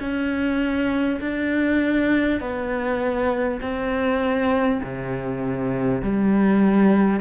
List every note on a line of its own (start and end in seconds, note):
0.00 1.20 C#4
1.21 2.41 D4
2.41 3.61 B3
3.61 4.81 C4
4.83 6.02 C3
6.02 7.21 G3